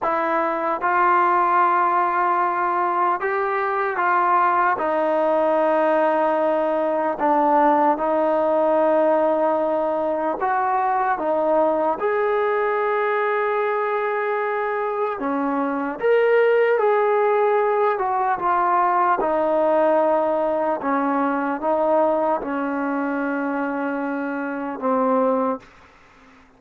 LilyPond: \new Staff \with { instrumentName = "trombone" } { \time 4/4 \tempo 4 = 75 e'4 f'2. | g'4 f'4 dis'2~ | dis'4 d'4 dis'2~ | dis'4 fis'4 dis'4 gis'4~ |
gis'2. cis'4 | ais'4 gis'4. fis'8 f'4 | dis'2 cis'4 dis'4 | cis'2. c'4 | }